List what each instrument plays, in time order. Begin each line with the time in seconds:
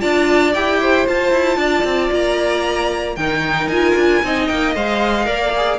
0.00 cello D4, viola F4, violin D5 A5
0.54 cello E4, viola G4, violin G5
0.81 violin C5
1.06 viola F4, cello F4, violin A5
1.31 cello E4
1.57 cello D4, violin D5
1.84 cello C4
2.12 cello A#3, violin A#5
3.16 cello D#3, viola D#4, violin A#4 G5
3.67 cello D#4, viola F4, violin G#5
3.96 cello D4
4.23 cello C4, viola D#4, violin D#5
4.47 cello A#3, violin G5
4.75 cello G#3, viola C5, violin F5
5.24 cello A#3, viola A#4, violin D5
5.57 viola G#4